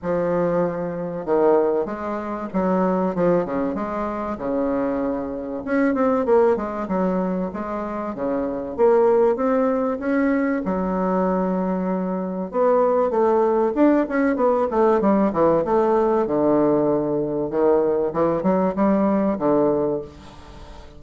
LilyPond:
\new Staff \with { instrumentName = "bassoon" } { \time 4/4 \tempo 4 = 96 f2 dis4 gis4 | fis4 f8 cis8 gis4 cis4~ | cis4 cis'8 c'8 ais8 gis8 fis4 | gis4 cis4 ais4 c'4 |
cis'4 fis2. | b4 a4 d'8 cis'8 b8 a8 | g8 e8 a4 d2 | dis4 e8 fis8 g4 d4 | }